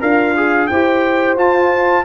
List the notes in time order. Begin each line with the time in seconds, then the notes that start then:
0.00 D4 F4 A#4 F5
0.37 G#4
0.67 E4 G4 C5 G5
1.37 F4 A5